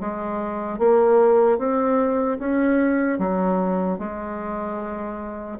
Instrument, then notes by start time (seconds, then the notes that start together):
bassoon
0.00 G#3
0.78 A#3
1.58 C4
2.39 C#4
3.19 F#3
3.99 G#3